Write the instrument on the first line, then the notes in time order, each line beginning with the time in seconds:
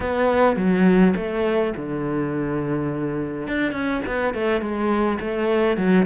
cello
0.00 B3
0.56 F#3
1.15 A3
1.76 D3
3.47 D4
3.72 C#4
4.06 B3
4.34 A3
4.61 G#3
5.20 A3
5.77 F#3